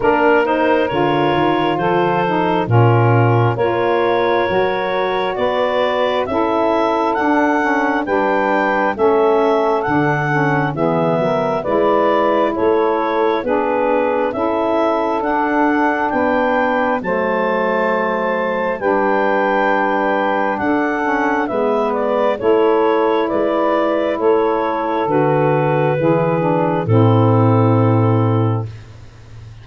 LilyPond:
<<
  \new Staff \with { instrumentName = "clarinet" } { \time 4/4 \tempo 4 = 67 ais'8 c''8 cis''4 c''4 ais'4 | cis''2 d''4 e''4 | fis''4 g''4 e''4 fis''4 | e''4 d''4 cis''4 b'4 |
e''4 fis''4 g''4 a''4~ | a''4 g''2 fis''4 | e''8 d''8 cis''4 d''4 cis''4 | b'2 a'2 | }
  \new Staff \with { instrumentName = "saxophone" } { \time 4/4 ais'2 a'4 f'4 | ais'2 b'4 a'4~ | a'4 b'4 a'2 | gis'8 ais'8 b'4 a'4 gis'4 |
a'2 b'4 c''4~ | c''4 b'2 a'4 | b'4 a'4 b'4 a'4~ | a'4 gis'4 e'2 | }
  \new Staff \with { instrumentName = "saxophone" } { \time 4/4 d'8 dis'8 f'4. dis'8 cis'4 | f'4 fis'2 e'4 | d'8 cis'8 d'4 cis'4 d'8 cis'8 | b4 e'2 d'4 |
e'4 d'2 a4~ | a4 d'2~ d'8 cis'8 | b4 e'2. | fis'4 e'8 d'8 c'2 | }
  \new Staff \with { instrumentName = "tuba" } { \time 4/4 ais4 d8 dis8 f4 ais,4 | ais4 fis4 b4 cis'4 | d'4 g4 a4 d4 | e8 fis8 gis4 a4 b4 |
cis'4 d'4 b4 fis4~ | fis4 g2 d'4 | gis4 a4 gis4 a4 | d4 e4 a,2 | }
>>